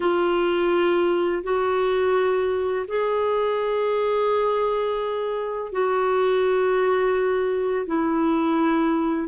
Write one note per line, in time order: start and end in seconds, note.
0.00 1.43 F4
1.43 2.86 F#4
2.87 5.71 G#4
5.71 7.86 F#4
7.86 9.28 E4